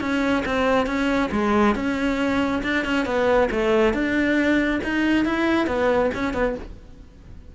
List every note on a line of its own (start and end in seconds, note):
0.00 0.43 C#4
0.45 0.86 C4
0.86 1.30 C#4
1.31 1.75 G#3
1.75 2.62 C#4
2.63 2.84 D4
2.84 3.05 C#4
3.05 3.49 B3
3.51 3.93 A3
3.93 4.80 D4
4.83 5.25 D#4
5.25 5.66 E4
5.66 6.10 B3
6.14 6.33 C#4
6.33 6.55 B3